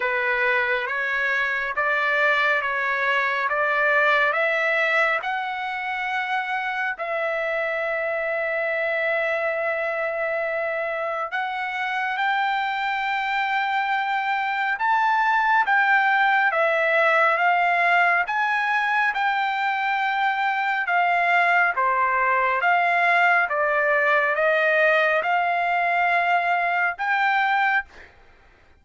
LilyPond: \new Staff \with { instrumentName = "trumpet" } { \time 4/4 \tempo 4 = 69 b'4 cis''4 d''4 cis''4 | d''4 e''4 fis''2 | e''1~ | e''4 fis''4 g''2~ |
g''4 a''4 g''4 e''4 | f''4 gis''4 g''2 | f''4 c''4 f''4 d''4 | dis''4 f''2 g''4 | }